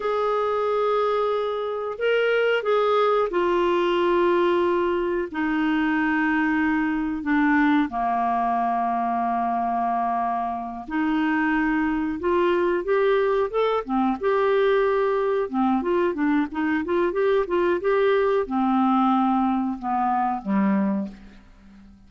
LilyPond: \new Staff \with { instrumentName = "clarinet" } { \time 4/4 \tempo 4 = 91 gis'2. ais'4 | gis'4 f'2. | dis'2. d'4 | ais1~ |
ais8 dis'2 f'4 g'8~ | g'8 a'8 c'8 g'2 c'8 | f'8 d'8 dis'8 f'8 g'8 f'8 g'4 | c'2 b4 g4 | }